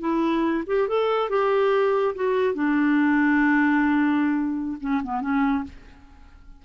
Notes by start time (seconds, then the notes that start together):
0.00 E4
0.67 G4
0.88 A4
1.29 G4
2.15 F#4
2.55 D4
4.81 C#4
5.03 B3
5.21 C#4